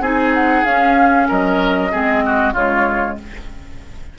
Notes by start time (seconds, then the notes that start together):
0.00 C4 D#4 G#4 G#5
0.34 F#5
0.65 C#4 F5
1.28 F#3 A#4 D#5
1.92 G#3 C4 G#4
2.26 F#4
2.53 C#3 G#3 F4 C#5